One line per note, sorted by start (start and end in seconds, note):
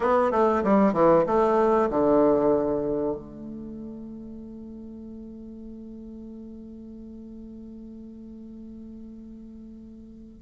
0.00 0.31 B3
0.31 0.62 A3
0.63 0.93 G3
0.93 1.25 E3
1.26 1.89 A3
1.89 3.16 D3
3.16 10.42 A3